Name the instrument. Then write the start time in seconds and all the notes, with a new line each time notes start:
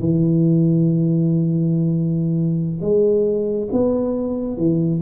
tuba
0.00 E3
2.81 G#3
3.72 B3
4.57 E3